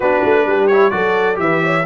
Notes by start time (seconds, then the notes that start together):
0.00 B3 D4 F#4 B4
0.23 A3
0.45 G3 G4
0.67 E4 C#5
0.90 F#3 F#4 A4 D5
1.35 E3 G4 E5
1.41 B4
1.63 C#5